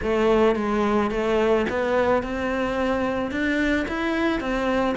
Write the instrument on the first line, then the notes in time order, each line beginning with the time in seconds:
cello
0.02 A3
0.55 G#3
1.10 A3
1.69 B3
2.22 C4
3.31 D4
3.88 E4
4.40 C4